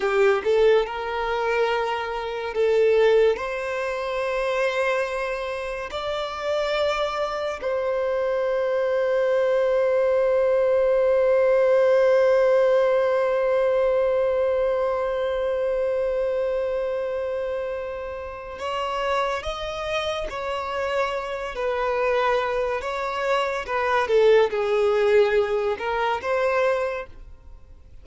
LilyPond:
\new Staff \with { instrumentName = "violin" } { \time 4/4 \tempo 4 = 71 g'8 a'8 ais'2 a'4 | c''2. d''4~ | d''4 c''2.~ | c''1~ |
c''1~ | c''2 cis''4 dis''4 | cis''4. b'4. cis''4 | b'8 a'8 gis'4. ais'8 c''4 | }